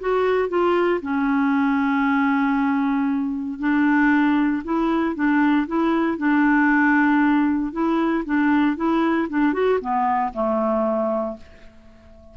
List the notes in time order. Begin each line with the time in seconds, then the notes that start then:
0.00 F#4
0.49 F4
1.01 C#4
3.59 D4
4.64 E4
5.15 D4
5.67 E4
6.18 D4
7.72 E4
8.25 D4
8.76 E4
9.29 D4
9.53 F#4
9.81 B3
10.33 A3